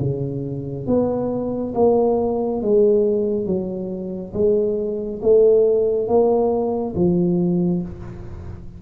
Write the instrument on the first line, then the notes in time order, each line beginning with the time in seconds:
tuba
0.00 C#3
0.87 B3
1.75 A#3
2.62 G#3
3.46 F#3
4.34 G#3
5.23 A3
6.08 A#3
6.95 F3